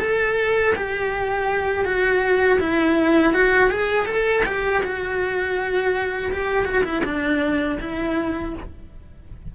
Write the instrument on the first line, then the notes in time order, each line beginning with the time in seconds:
cello
0.00 A4
0.75 G4
1.85 F#4
2.60 E4
3.34 F#4
3.71 G#4
4.06 A4
4.46 G4
4.84 F#4
6.32 G4
6.65 F#4
6.85 E4
7.05 D4
7.80 E4